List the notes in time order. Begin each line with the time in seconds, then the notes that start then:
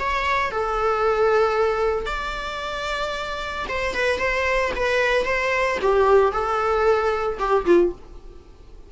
0.00 C#5
0.51 A4
2.06 D5
3.69 C5
3.95 B4
4.19 C5
4.76 B4
5.25 C5
5.82 G4
6.32 A4
7.39 G4
7.66 F4